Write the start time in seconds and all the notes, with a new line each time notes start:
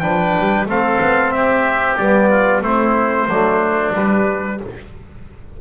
0.00 F3 D4 B4 G5
0.39 G3
0.65 A3 C4 A4 F5
1.01 B3
1.32 C4 G4 E5
1.97 G3 B3 D5
2.29 F4
2.61 A3 C4 E4 C5
3.28 F#3 A3 D4
3.94 G3 B4